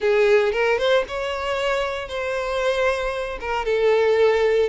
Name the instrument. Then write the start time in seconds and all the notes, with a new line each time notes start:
violin
0.00 G#4
0.52 A#4
0.78 C5
1.08 C#5
2.08 C5
3.40 A#4
3.65 A4